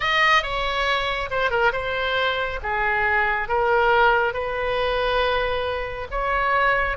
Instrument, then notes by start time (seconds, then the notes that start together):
oboe
0.00 D#5
0.42 C#5
1.30 C5
1.50 A#4
1.72 C5
2.62 G#4
3.48 A#4
4.33 B4
6.10 C#5